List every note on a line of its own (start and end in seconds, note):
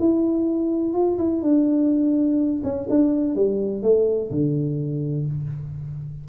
0.00 0.94 E4
0.94 1.18 F4
1.18 1.42 E4
1.42 2.62 D4
2.64 2.88 C#4
2.90 3.35 D4
3.35 3.83 G3
3.83 4.31 A3
4.31 5.27 D3